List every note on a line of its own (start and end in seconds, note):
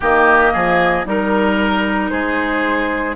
0.00 0.54 D#3
0.00 1.05 A#3
0.00 0.52 G4
0.00 1.07 D#5
0.52 1.05 F3
0.52 1.05 G#4
1.05 2.11 G3
1.05 3.15 D#4
1.05 2.09 A#4
1.05 2.10 A#4
2.09 3.15 G#3
2.09 3.15 G#4
2.09 3.14 C5